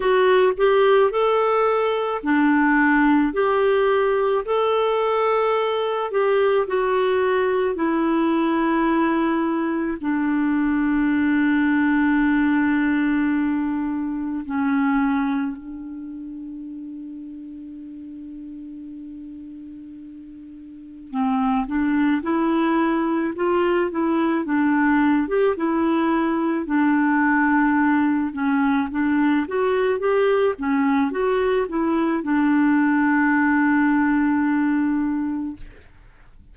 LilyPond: \new Staff \with { instrumentName = "clarinet" } { \time 4/4 \tempo 4 = 54 fis'8 g'8 a'4 d'4 g'4 | a'4. g'8 fis'4 e'4~ | e'4 d'2.~ | d'4 cis'4 d'2~ |
d'2. c'8 d'8 | e'4 f'8 e'8 d'8. g'16 e'4 | d'4. cis'8 d'8 fis'8 g'8 cis'8 | fis'8 e'8 d'2. | }